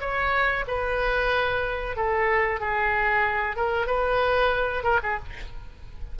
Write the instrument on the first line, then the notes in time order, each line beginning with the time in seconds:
oboe
0.00 C#5
0.67 B4
1.96 A4
2.60 G#4
3.56 A#4
3.87 B4
4.83 A#4
5.03 G#4